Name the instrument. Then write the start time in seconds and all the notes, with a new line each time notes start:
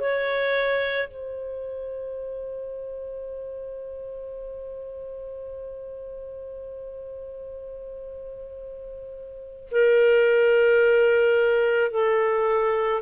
clarinet
0.00 C#5
1.08 C5
9.71 A#4
11.91 A4